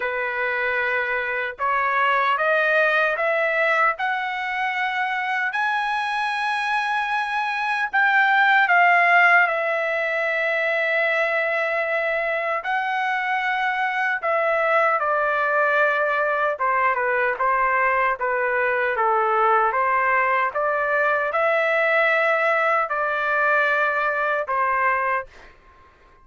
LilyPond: \new Staff \with { instrumentName = "trumpet" } { \time 4/4 \tempo 4 = 76 b'2 cis''4 dis''4 | e''4 fis''2 gis''4~ | gis''2 g''4 f''4 | e''1 |
fis''2 e''4 d''4~ | d''4 c''8 b'8 c''4 b'4 | a'4 c''4 d''4 e''4~ | e''4 d''2 c''4 | }